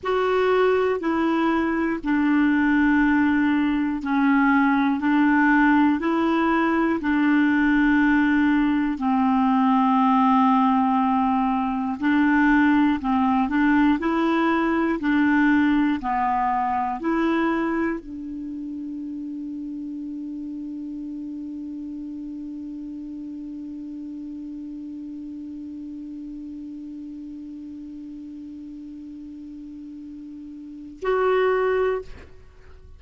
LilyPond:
\new Staff \with { instrumentName = "clarinet" } { \time 4/4 \tempo 4 = 60 fis'4 e'4 d'2 | cis'4 d'4 e'4 d'4~ | d'4 c'2. | d'4 c'8 d'8 e'4 d'4 |
b4 e'4 d'2~ | d'1~ | d'1~ | d'2. fis'4 | }